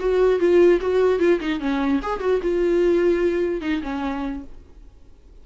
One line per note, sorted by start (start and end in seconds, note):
0.00 0.40 F#4
0.40 0.80 F4
0.81 1.20 F#4
1.20 1.40 F4
1.40 1.60 D#4
1.60 2.01 C#4
2.03 2.20 G#4
2.20 2.40 F#4
2.42 3.61 F4
3.61 3.82 D#4
3.83 4.44 C#4